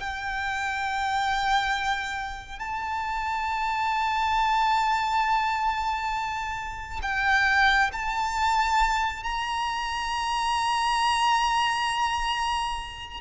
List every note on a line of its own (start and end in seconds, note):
0.00 2.59 G5
2.59 7.00 A5
7.03 7.91 G5
7.93 9.24 A5
9.24 13.21 A#5